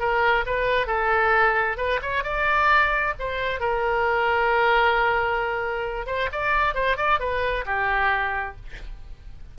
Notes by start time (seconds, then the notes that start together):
0.00 A#4
0.46 B4
0.87 A4
1.78 B4
2.02 C#5
2.24 D5
3.20 C5
3.60 A#4
6.07 C5
6.32 D5
6.75 C5
6.97 D5
7.20 B4
7.66 G4